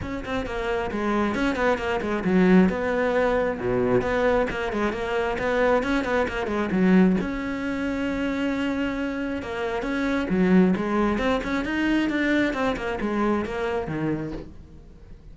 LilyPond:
\new Staff \with { instrumentName = "cello" } { \time 4/4 \tempo 4 = 134 cis'8 c'8 ais4 gis4 cis'8 b8 | ais8 gis8 fis4 b2 | b,4 b4 ais8 gis8 ais4 | b4 cis'8 b8 ais8 gis8 fis4 |
cis'1~ | cis'4 ais4 cis'4 fis4 | gis4 c'8 cis'8 dis'4 d'4 | c'8 ais8 gis4 ais4 dis4 | }